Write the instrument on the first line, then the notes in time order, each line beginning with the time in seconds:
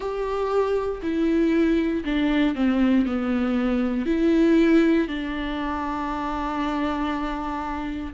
viola
0.00 G4
1.02 E4
2.04 D4
2.55 C4
3.06 B3
4.06 E4
5.08 D4